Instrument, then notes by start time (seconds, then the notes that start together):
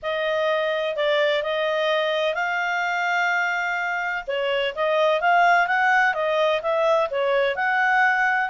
clarinet
0.02 D#5
0.96 D5
1.42 D#5
2.34 F5
4.27 C#5
4.75 D#5
5.21 F5
5.67 F#5
6.14 D#5
6.61 E5
7.10 C#5
7.55 F#5